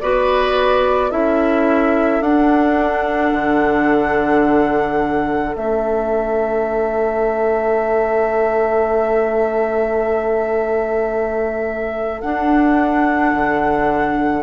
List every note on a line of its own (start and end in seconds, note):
0.00 1.12 B3
0.00 1.11 F#4
0.00 1.10 B4
0.00 1.11 D5
1.10 2.21 C#4
1.10 2.22 E4
1.10 14.43 A4
1.10 2.22 E5
2.21 3.32 D4
2.21 5.55 D4
2.21 5.56 F#5
3.33 5.55 D3
5.55 12.23 A3
5.55 12.22 C#4
5.55 12.21 E5
12.21 14.43 D4
12.21 13.33 D4
12.21 14.43 F#5
13.33 14.43 D3